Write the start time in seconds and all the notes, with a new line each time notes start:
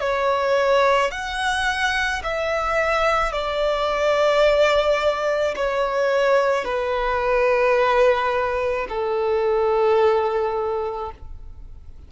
0.00 C#5
1.11 F#5
2.23 E5
3.32 D5
5.56 C#5
6.65 B4
8.89 A4